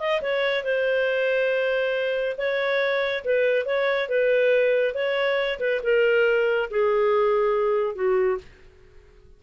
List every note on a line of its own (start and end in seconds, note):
0.00 0.22 D#5
0.22 0.64 C#5
0.64 2.37 C5
2.38 3.24 C#5
3.25 3.66 B4
3.66 4.09 C#5
4.09 4.95 B4
4.95 5.60 C#5
5.60 5.81 B4
5.84 6.70 A#4
6.71 7.95 G#4
7.95 8.38 F#4